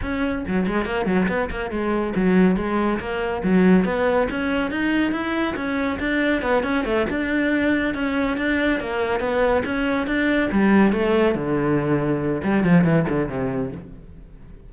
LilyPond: \new Staff \with { instrumentName = "cello" } { \time 4/4 \tempo 4 = 140 cis'4 fis8 gis8 ais8 fis8 b8 ais8 | gis4 fis4 gis4 ais4 | fis4 b4 cis'4 dis'4 | e'4 cis'4 d'4 b8 cis'8 |
a8 d'2 cis'4 d'8~ | d'8 ais4 b4 cis'4 d'8~ | d'8 g4 a4 d4.~ | d4 g8 f8 e8 d8 c4 | }